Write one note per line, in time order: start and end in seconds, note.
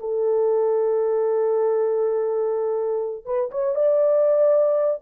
0.00 3.26 A4
3.26 3.51 B4
3.52 3.76 C#5
3.76 5.02 D5